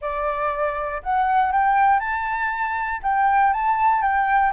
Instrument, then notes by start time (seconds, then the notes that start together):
flute
0.01 D5
1.02 F#5
1.52 G5
1.99 A5
3.02 G5
3.53 A5
4.02 G5